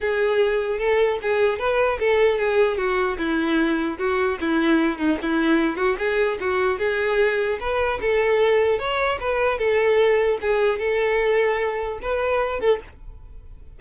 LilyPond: \new Staff \with { instrumentName = "violin" } { \time 4/4 \tempo 4 = 150 gis'2 a'4 gis'4 | b'4 a'4 gis'4 fis'4 | e'2 fis'4 e'4~ | e'8 dis'8 e'4. fis'8 gis'4 |
fis'4 gis'2 b'4 | a'2 cis''4 b'4 | a'2 gis'4 a'4~ | a'2 b'4. a'8 | }